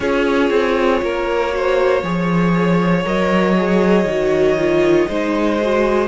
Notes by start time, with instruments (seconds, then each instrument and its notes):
0.00 cello C#4, viola F4, violin G#4 C#5
0.50 cello C4
1.01 cello A#3, violin A#4
1.50 viola F#4, violin C5
2.03 cello F3, viola G#4, violin C#5
3.04 cello F#3, viola A#4, violin D#5
3.57 viola G#4
4.04 cello D#3, viola F#4
4.57 viola F4
5.08 cello G#3, viola D#4, violin C5
5.61 viola F#4